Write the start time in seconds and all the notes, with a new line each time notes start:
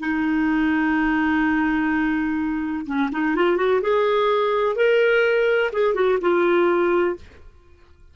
0.00 D#4
2.86 C#4
3.12 D#4
3.36 F4
3.57 F#4
3.82 G#4
4.76 A#4
5.73 G#4
5.95 F#4
6.21 F4